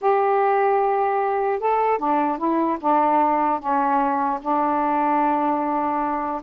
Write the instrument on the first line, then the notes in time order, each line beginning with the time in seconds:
saxophone
0.01 G4
1.59 A4
1.98 D4
2.38 E4
2.80 D4
3.59 C#4
4.41 D4